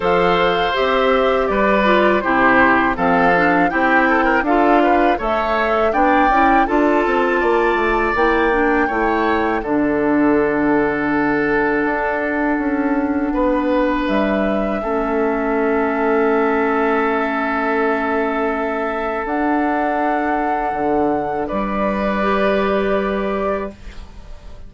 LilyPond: <<
  \new Staff \with { instrumentName = "flute" } { \time 4/4 \tempo 4 = 81 f''4 e''4 d''4 c''4 | f''4 g''4 f''4 e''4 | g''4 a''2 g''4~ | g''4 fis''2.~ |
fis''2. e''4~ | e''1~ | e''2 fis''2~ | fis''4 d''2. | }
  \new Staff \with { instrumentName = "oboe" } { \time 4/4 c''2 b'4 g'4 | a'4 g'8 a'16 ais'16 a'8 b'8 cis''4 | d''4 a'4 d''2 | cis''4 a'2.~ |
a'2 b'2 | a'1~ | a'1~ | a'4 b'2. | }
  \new Staff \with { instrumentName = "clarinet" } { \time 4/4 a'4 g'4. f'8 e'4 | c'8 d'8 e'4 f'4 a'4 | d'8 e'8 f'2 e'8 d'8 | e'4 d'2.~ |
d'1 | cis'1~ | cis'2 d'2~ | d'2 g'2 | }
  \new Staff \with { instrumentName = "bassoon" } { \time 4/4 f4 c'4 g4 c4 | f4 c'4 d'4 a4 | b8 cis'8 d'8 c'8 ais8 a8 ais4 | a4 d2. |
d'4 cis'4 b4 g4 | a1~ | a2 d'2 | d4 g2. | }
>>